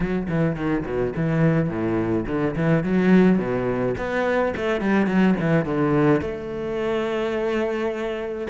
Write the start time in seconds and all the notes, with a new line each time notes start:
0.00 F#3
0.28 E3
0.56 D#3
0.85 B2
1.16 E3
1.69 A2
2.26 D3
2.56 E3
2.83 F#3
3.38 B2
3.97 B3
4.56 A3
4.80 G3
5.06 F#3
5.39 E3
5.65 D3
6.21 A3